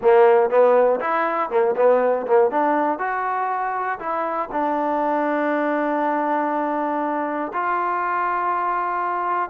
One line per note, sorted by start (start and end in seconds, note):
0.01 0.50 A#3
0.50 1.00 B3
1.00 1.50 E4
1.50 1.75 A#3
1.76 2.26 B3
2.26 2.50 A#3
2.50 2.99 D4
2.99 3.99 F#4
3.99 4.49 E4
4.52 7.52 D4
7.53 9.49 F4